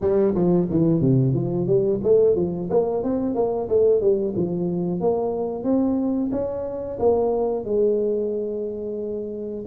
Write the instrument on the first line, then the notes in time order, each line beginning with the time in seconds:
tuba
0.01 G3
0.35 F3
0.70 E3
1.01 C3
1.34 F3
1.66 G3
2.03 A3
2.35 F3
2.70 A#3
3.03 C4
3.35 A#3
3.68 A3
4.00 G3
4.35 F3
5.00 A#3
5.63 C4
6.32 C#4
6.99 A#3
7.65 G#3